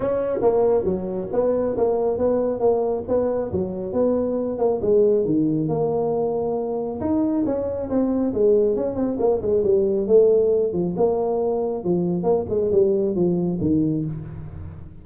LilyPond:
\new Staff \with { instrumentName = "tuba" } { \time 4/4 \tempo 4 = 137 cis'4 ais4 fis4 b4 | ais4 b4 ais4 b4 | fis4 b4. ais8 gis4 | dis4 ais2. |
dis'4 cis'4 c'4 gis4 | cis'8 c'8 ais8 gis8 g4 a4~ | a8 f8 ais2 f4 | ais8 gis8 g4 f4 dis4 | }